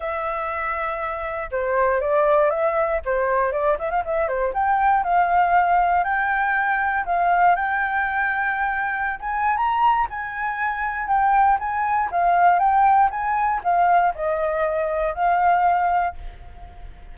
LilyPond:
\new Staff \with { instrumentName = "flute" } { \time 4/4 \tempo 4 = 119 e''2. c''4 | d''4 e''4 c''4 d''8 e''16 f''16 | e''8 c''8 g''4 f''2 | g''2 f''4 g''4~ |
g''2~ g''16 gis''8. ais''4 | gis''2 g''4 gis''4 | f''4 g''4 gis''4 f''4 | dis''2 f''2 | }